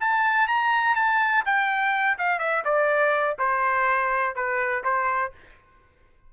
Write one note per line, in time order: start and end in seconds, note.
0.00 0.48 A5
0.48 0.95 A#5
0.95 1.44 A5
1.45 2.18 G5
2.18 2.39 F5
2.39 2.63 E5
2.64 3.37 D5
3.39 4.35 C5
4.35 4.84 B4
4.84 5.32 C5